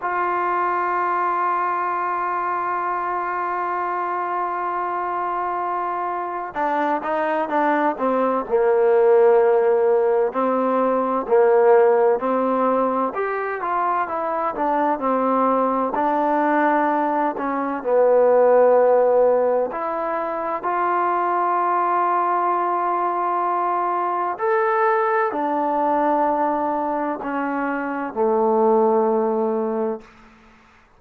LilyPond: \new Staff \with { instrumentName = "trombone" } { \time 4/4 \tempo 4 = 64 f'1~ | f'2. d'8 dis'8 | d'8 c'8 ais2 c'4 | ais4 c'4 g'8 f'8 e'8 d'8 |
c'4 d'4. cis'8 b4~ | b4 e'4 f'2~ | f'2 a'4 d'4~ | d'4 cis'4 a2 | }